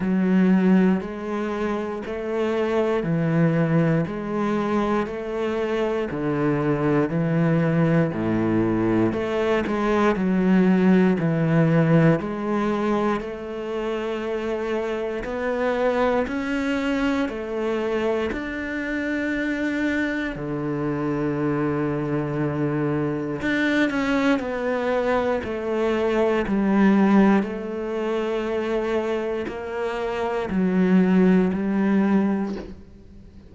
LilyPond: \new Staff \with { instrumentName = "cello" } { \time 4/4 \tempo 4 = 59 fis4 gis4 a4 e4 | gis4 a4 d4 e4 | a,4 a8 gis8 fis4 e4 | gis4 a2 b4 |
cis'4 a4 d'2 | d2. d'8 cis'8 | b4 a4 g4 a4~ | a4 ais4 fis4 g4 | }